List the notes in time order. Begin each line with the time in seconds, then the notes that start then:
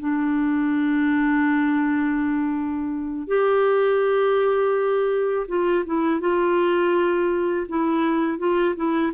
0.00 D4
3.28 G4
5.48 F4
5.86 E4
6.21 F4
7.69 E4
8.39 F4
8.76 E4